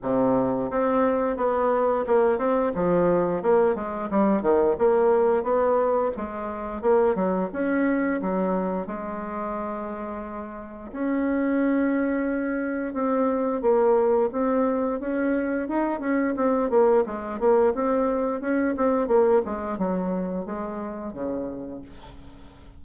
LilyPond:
\new Staff \with { instrumentName = "bassoon" } { \time 4/4 \tempo 4 = 88 c4 c'4 b4 ais8 c'8 | f4 ais8 gis8 g8 dis8 ais4 | b4 gis4 ais8 fis8 cis'4 | fis4 gis2. |
cis'2. c'4 | ais4 c'4 cis'4 dis'8 cis'8 | c'8 ais8 gis8 ais8 c'4 cis'8 c'8 | ais8 gis8 fis4 gis4 cis4 | }